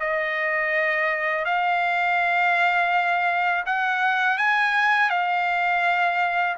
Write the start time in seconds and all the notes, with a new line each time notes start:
0.00 D#5
1.45 F5
3.66 F#5
4.38 G#5
5.10 F5